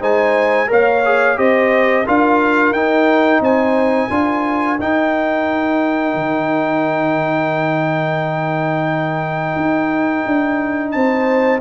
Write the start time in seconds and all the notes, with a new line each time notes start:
0.00 G#3 D#4 C5 G#5
0.67 A#3 A#4 C#5 F5
1.06 G#4
1.36 C4 G4 C5 D#5
2.07 D4 F4 A#4 F5
2.72 D#4 G5
3.40 C4 C5 G#5
4.11 D4 F4 A#4
4.79 D#4 G5
6.14 D#3
9.56 D#4
10.27 D4
10.92 C4 C5 A5